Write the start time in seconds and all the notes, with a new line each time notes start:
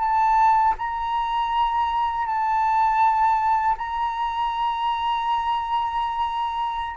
0.00 A5
0.78 A#5
2.27 A5
3.78 A#5